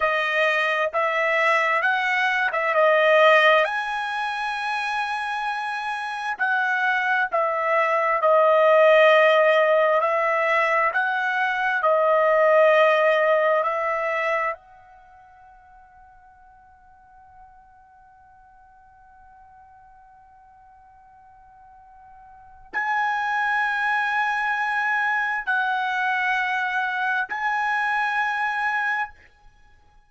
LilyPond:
\new Staff \with { instrumentName = "trumpet" } { \time 4/4 \tempo 4 = 66 dis''4 e''4 fis''8. e''16 dis''4 | gis''2. fis''4 | e''4 dis''2 e''4 | fis''4 dis''2 e''4 |
fis''1~ | fis''1~ | fis''4 gis''2. | fis''2 gis''2 | }